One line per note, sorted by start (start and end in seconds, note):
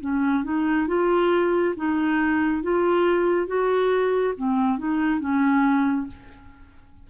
0.00 0.43 C#4
0.44 0.87 D#4
0.87 1.74 F4
1.76 2.62 D#4
2.62 3.47 F4
3.47 4.34 F#4
4.37 4.78 C4
4.78 5.20 D#4
5.20 6.07 C#4